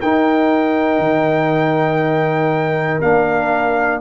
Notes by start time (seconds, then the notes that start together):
0.00 D#4 A#4 G5
0.99 D#3
3.02 A#3 D4 F5